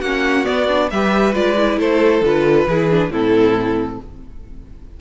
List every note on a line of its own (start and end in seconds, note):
0.00 0.45 A#3
0.00 0.45 C#4
0.00 0.88 F#4
0.00 0.45 F#5
0.45 0.67 B3
0.45 0.91 B3
0.45 0.89 D5
0.68 0.90 D4
0.90 1.35 G3
0.90 1.33 G4
0.90 1.79 B4
0.90 1.34 E5
1.33 1.77 G#3
1.33 1.55 F4
1.33 1.79 D5
1.57 2.23 E4
1.77 2.21 A3
1.77 2.67 A4
1.77 2.24 C5
2.22 2.66 D3
2.22 2.68 F4
2.22 3.12 B4
2.66 3.09 E3
2.66 2.91 E4
2.66 3.11 G#4
2.91 3.11 D4
3.09 3.97 A2
3.09 3.99 C4
3.09 4.00 E4
3.09 4.00 A4